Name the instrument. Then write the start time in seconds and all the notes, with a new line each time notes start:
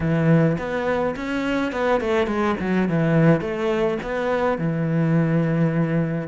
cello
0.00 E3
0.57 B3
1.16 C#4
1.72 B3
2.00 A3
2.26 G#3
2.60 F#3
2.89 E3
3.41 A3
4.02 B3
4.58 E3